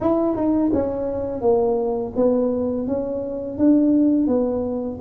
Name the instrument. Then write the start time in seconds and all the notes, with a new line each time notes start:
tuba
0.00 E4
0.36 D#4
0.73 C#4
1.41 A#3
2.16 B3
2.87 C#4
3.57 D4
4.27 B3